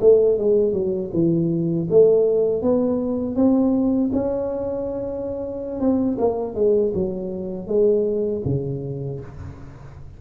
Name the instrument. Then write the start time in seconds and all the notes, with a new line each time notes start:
tuba
0.00 A3
0.38 G#3
0.73 F#3
1.13 E3
1.90 A3
2.61 B3
3.35 C4
4.12 C#4
5.80 C4
6.18 A#3
6.55 G#3
6.94 F#3
7.67 G#3
8.45 C#3